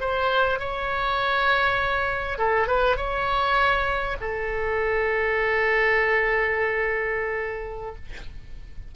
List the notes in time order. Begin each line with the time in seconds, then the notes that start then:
0.00 C5
0.59 C#5
2.38 A4
2.67 B4
2.97 C#5
4.20 A4